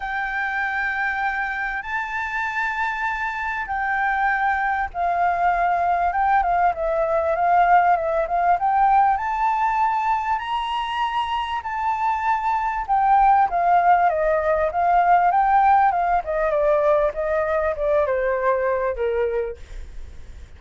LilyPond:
\new Staff \with { instrumentName = "flute" } { \time 4/4 \tempo 4 = 98 g''2. a''4~ | a''2 g''2 | f''2 g''8 f''8 e''4 | f''4 e''8 f''8 g''4 a''4~ |
a''4 ais''2 a''4~ | a''4 g''4 f''4 dis''4 | f''4 g''4 f''8 dis''8 d''4 | dis''4 d''8 c''4. ais'4 | }